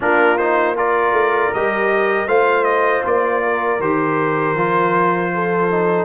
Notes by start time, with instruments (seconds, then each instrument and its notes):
0.00 tuba A#3, trombone D4, horn F4, trumpet A#4
0.37 trombone D#4, trumpet C5
0.76 trombone F4, horn A#4, trumpet D5
1.12 tuba A3
1.53 tuba G3, trombone G4, trumpet D#5
2.26 tuba A3, trombone F4, horn C5, trumpet F5
2.64 trumpet D#5
3.05 tuba A#3, trumpet D5
3.42 horn A#4
3.79 tuba D#3, trombone G4, trumpet C5
4.55 tuba F3, trombone F4
5.34 horn A4
5.70 trombone D#4